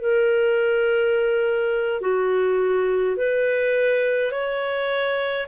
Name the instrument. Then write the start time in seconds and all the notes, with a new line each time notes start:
clarinet
0.00 A#4
2.01 F#4
3.16 B4
4.31 C#5